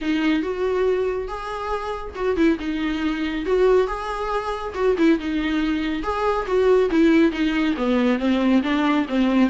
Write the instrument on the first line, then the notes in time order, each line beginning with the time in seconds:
viola
0.01 D#4
0.42 F#4
1.28 G#4
2.15 F#4
2.36 E4
2.59 D#4
3.45 F#4
3.87 G#4
4.74 F#4
4.98 E4
5.19 D#4
6.02 G#4
6.46 F#4
6.90 E4
7.31 D#4
7.76 B3
8.18 C4
8.62 D4
9.08 C4